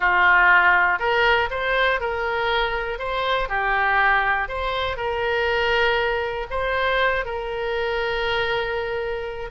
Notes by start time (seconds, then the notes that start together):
0.00 F4
0.99 A#4
1.50 C5
2.00 A#4
2.98 C5
3.48 G4
4.48 C5
4.96 A#4
6.50 C5
7.25 A#4